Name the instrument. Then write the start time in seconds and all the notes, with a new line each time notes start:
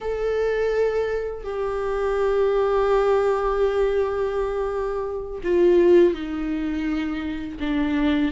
viola
0.00 A4
1.43 G4
5.43 F4
6.13 D#4
7.60 D4